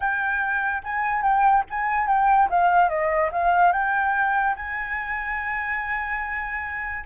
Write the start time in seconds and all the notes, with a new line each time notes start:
0.00 G5
0.83 G#5
1.22 G5
1.70 G#5
2.07 G5
2.49 F5
2.89 D#5
3.32 F5
3.72 G5
4.56 G#5